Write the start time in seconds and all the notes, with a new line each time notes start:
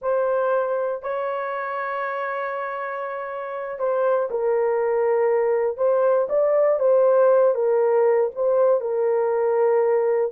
0.01 C5
1.02 C#5
3.78 C5
4.30 A#4
5.77 C5
6.29 D5
6.79 C5
7.54 A#4
8.35 C5
8.81 A#4